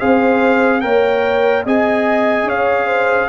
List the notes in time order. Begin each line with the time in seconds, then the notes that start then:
0.00 C4 G#4 C5 F5
0.81 A#3 A#4 C#5 G5
1.66 C4 G#4 D#5 G#5
2.44 C#4 C#5 F5
2.86 C5